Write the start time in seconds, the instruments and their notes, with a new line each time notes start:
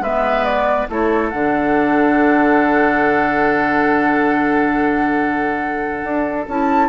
0.00 bassoon G#3, clarinet B3, oboe B4, flute E5
0.44 flute D5
0.89 bassoon A3, clarinet E4, oboe A4, flute C#5
1.29 bassoon D3, clarinet D4, flute F#5
6.03 bassoon D4
6.48 bassoon C#4, clarinet E4, flute A5